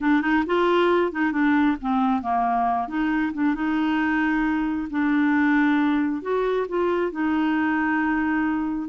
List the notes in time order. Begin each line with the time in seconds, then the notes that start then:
0.00 D4
0.21 D#4
0.46 F4
1.12 D#4
1.32 D4
1.81 C4
2.22 A#3
2.88 D#4
3.33 D4
3.54 D#4
4.90 D4
6.22 F#4
6.68 F4
7.11 D#4